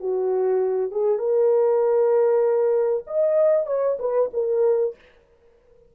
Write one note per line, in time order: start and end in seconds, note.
0.00 0.91 F#4
0.91 1.19 G#4
1.19 3.04 A#4
3.07 3.66 D#5
3.66 3.98 C#5
3.99 4.30 B4
4.33 4.95 A#4